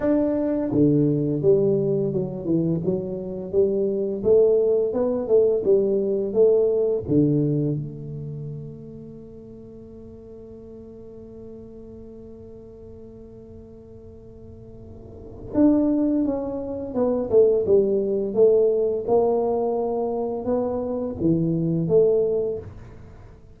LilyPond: \new Staff \with { instrumentName = "tuba" } { \time 4/4 \tempo 4 = 85 d'4 d4 g4 fis8 e8 | fis4 g4 a4 b8 a8 | g4 a4 d4 a4~ | a1~ |
a1~ | a2 d'4 cis'4 | b8 a8 g4 a4 ais4~ | ais4 b4 e4 a4 | }